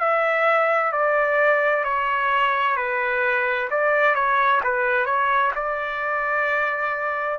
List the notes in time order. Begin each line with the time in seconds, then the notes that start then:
0.00 E5
0.92 D5
1.84 C#5
2.77 B4
3.70 D5
4.15 C#5
4.64 B4
5.06 C#5
5.56 D5